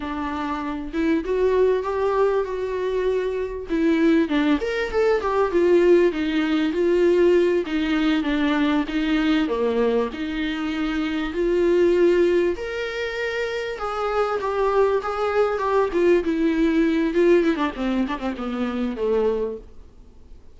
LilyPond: \new Staff \with { instrumentName = "viola" } { \time 4/4 \tempo 4 = 98 d'4. e'8 fis'4 g'4 | fis'2 e'4 d'8 ais'8 | a'8 g'8 f'4 dis'4 f'4~ | f'8 dis'4 d'4 dis'4 ais8~ |
ais8 dis'2 f'4.~ | f'8 ais'2 gis'4 g'8~ | g'8 gis'4 g'8 f'8 e'4. | f'8 e'16 d'16 c'8 d'16 c'16 b4 a4 | }